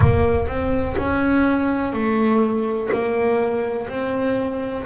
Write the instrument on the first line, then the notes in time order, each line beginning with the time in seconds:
double bass
0.00 A#3
0.47 C4
0.97 C#4
1.93 A3
2.93 A#3
3.88 C4